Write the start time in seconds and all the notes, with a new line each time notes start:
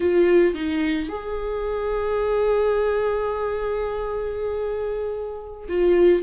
0.00 F4
0.54 D#4
1.08 G#4
5.68 F4